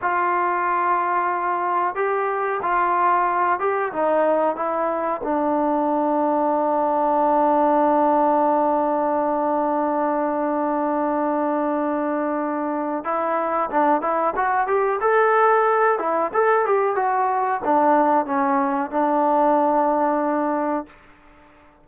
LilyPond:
\new Staff \with { instrumentName = "trombone" } { \time 4/4 \tempo 4 = 92 f'2. g'4 | f'4. g'8 dis'4 e'4 | d'1~ | d'1~ |
d'1 | e'4 d'8 e'8 fis'8 g'8 a'4~ | a'8 e'8 a'8 g'8 fis'4 d'4 | cis'4 d'2. | }